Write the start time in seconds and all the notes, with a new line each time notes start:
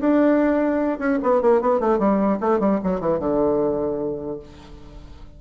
0.00 D4
0.99 C#4
1.23 B3
1.41 A#3
1.61 B3
1.80 A3
1.99 G3
2.40 A3
2.59 G3
2.83 F#3
3.00 E3
3.19 D3